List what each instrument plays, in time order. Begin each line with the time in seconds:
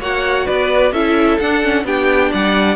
0.00 cello A#3, viola F#4, violin C#5 F#5
0.46 cello B3, violin B4 D5
0.92 cello C#4, viola E4, violin A4 E5
1.39 viola D4, cello D4, violin F#5
1.62 viola C#4
1.84 cello B3, viola D4, violin G4 G5
2.31 cello G3, violin D5 F#5